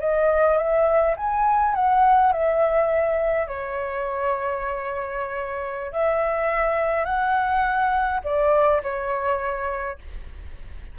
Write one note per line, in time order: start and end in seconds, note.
0.00 0.57 D#5
0.57 1.15 E5
1.17 1.74 G#5
1.74 2.32 F#5
2.32 3.47 E5
3.47 5.92 C#5
5.92 7.05 E5
7.05 8.20 F#5
8.24 8.82 D5
8.83 9.98 C#5